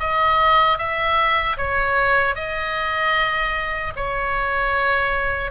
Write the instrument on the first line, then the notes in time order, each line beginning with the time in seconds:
oboe
0.00 D#5
0.78 E5
1.58 C#5
2.35 D#5
3.96 C#5